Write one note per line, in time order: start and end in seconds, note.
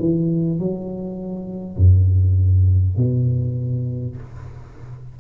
0.00 0.59 E3
0.59 1.77 F#3
1.77 2.97 F#2
2.97 4.17 B2